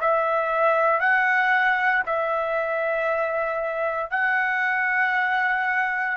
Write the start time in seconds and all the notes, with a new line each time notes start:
0.00 E5
1.00 F#5
2.06 E5
4.10 F#5